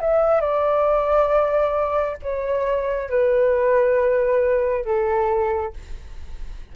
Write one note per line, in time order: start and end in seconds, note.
0.00 0.41 E5
0.41 2.17 D5
2.22 3.09 C#5
3.09 4.84 B4
4.84 5.73 A4